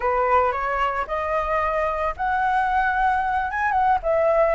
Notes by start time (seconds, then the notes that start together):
0.00 B4
0.52 C#5
1.07 D#5
2.16 F#5
3.50 G#5
3.71 F#5
4.02 E5